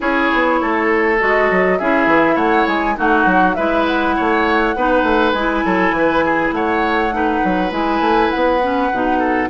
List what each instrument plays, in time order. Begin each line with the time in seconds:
0.00 bassoon C#4, clarinet E4, oboe G#4, flute C#5
0.33 bassoon B3
0.61 bassoon A3, oboe A4
1.19 bassoon G#3, clarinet F#4, flute D#5
1.50 bassoon F#3
1.78 bassoon C#4, clarinet E4, oboe G#4, flute E5
2.06 bassoon E3
2.35 bassoon A3, oboe C#5, flute F#5
2.67 bassoon G#3, flute G#5
2.95 bassoon A3, clarinet D#4, oboe F#4, flute F#5
3.25 bassoon F#3
3.54 bassoon G#3, clarinet E4, oboe B4, flute E5
3.86 flute F#5
4.16 bassoon A3, oboe C#5
4.75 bassoon B3, clarinet D#4, oboe B4
5.02 bassoon A3
5.32 bassoon G#3, clarinet E4, flute G#5
5.65 bassoon F#3, oboe A4
5.91 bassoon E3
5.97 oboe B4
6.24 oboe G#4
6.51 bassoon A3, oboe C#5, flute F#5
7.11 clarinet D#4, oboe B4
7.44 bassoon F#3
7.70 bassoon G#3, clarinet E4, flute G#5
8.00 bassoon A3
8.30 bassoon B3, flute F#5
8.62 clarinet C#4
8.91 bassoon B2, clarinet D#4
9.18 oboe A4